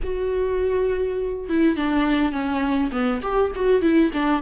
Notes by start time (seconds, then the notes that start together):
0.03 F#4
1.49 E4
1.76 D4
2.32 C#4
2.91 B3
3.21 G4
3.55 F#4
3.81 E4
4.13 D4